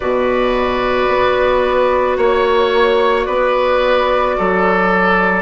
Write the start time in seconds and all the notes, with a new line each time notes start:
0.00 B2 F#4 B4 D5
1.08 B3
2.17 A#3 C#5
3.24 B3 B4 D5
4.37 F#3 A4